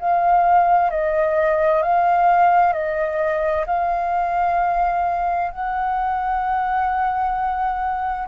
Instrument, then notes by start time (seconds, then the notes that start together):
flute
0.00 F5
0.91 D#5
1.83 F5
2.73 D#5
3.67 F5
5.51 F#5